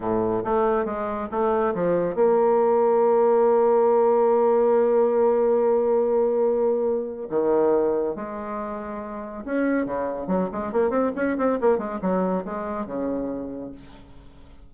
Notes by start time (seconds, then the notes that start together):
0.00 A2
0.44 A3
0.85 G#3
1.31 A3
1.74 F3
2.14 A#3
7.29 D#3
8.15 G#3
9.45 C#4
9.85 C#3
10.27 F#3
10.52 G#3
10.72 A#3
10.90 C4
11.15 C#4
11.37 C4
11.60 A#3
11.78 G#3
12.01 F#3
12.44 G#3
12.86 C#3